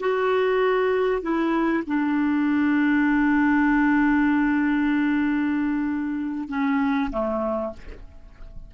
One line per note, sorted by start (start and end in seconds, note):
0.00 1.22 F#4
1.22 1.84 E4
1.87 6.49 D4
6.49 7.10 C#4
7.11 7.73 A3